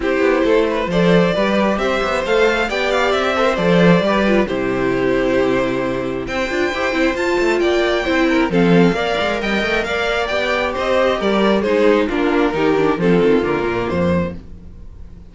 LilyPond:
<<
  \new Staff \with { instrumentName = "violin" } { \time 4/4 \tempo 4 = 134 c''2 d''2 | e''4 f''4 g''8 f''8 e''4 | d''2 c''2~ | c''2 g''2 |
a''4 g''2 f''4~ | f''4 g''4 f''4 g''4 | dis''4 d''4 c''4 ais'4~ | ais'4 a'4 ais'4 c''4 | }
  \new Staff \with { instrumentName = "violin" } { \time 4/4 g'4 a'8 b'8 c''4 b'4 | c''2 d''4. c''8~ | c''4 b'4 g'2~ | g'2 c''2~ |
c''4 d''4 c''8 ais'8 a'4 | d''4 dis''4 d''2 | c''4 ais'4 gis'4 f'4 | g'4 f'2. | }
  \new Staff \with { instrumentName = "viola" } { \time 4/4 e'2 a'4 g'4~ | g'4 a'4 g'4. a'16 ais'16 | a'4 g'8 f'8 e'2~ | e'2~ e'8 f'8 g'8 e'8 |
f'2 e'4 c'4 | ais'2. g'4~ | g'2 dis'4 d'4 | dis'8 d'8 c'4 ais2 | }
  \new Staff \with { instrumentName = "cello" } { \time 4/4 c'8 b8 a4 f4 g4 | c'8 b8 a4 b4 c'4 | f4 g4 c2~ | c2 c'8 d'8 e'8 c'8 |
f'8 a8 ais4 c'4 f4 | ais8 gis8 g8 a8 ais4 b4 | c'4 g4 gis4 ais4 | dis4 f8 dis8 d8 ais,8 f,4 | }
>>